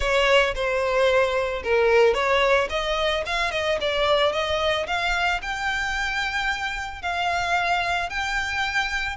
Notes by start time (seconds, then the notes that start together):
0.00 C#5
0.54 C5
1.63 A#4
2.14 C#5
2.69 D#5
3.26 F5
3.51 D#5
3.80 D5
4.32 D#5
4.86 F5
5.42 G5
7.02 F5
8.09 G5